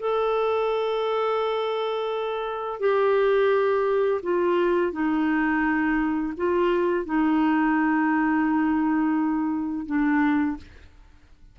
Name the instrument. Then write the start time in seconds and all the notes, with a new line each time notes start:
clarinet
0.00 A4
2.80 G4
4.23 F4
4.93 D#4
6.37 F4
7.06 D#4
9.87 D4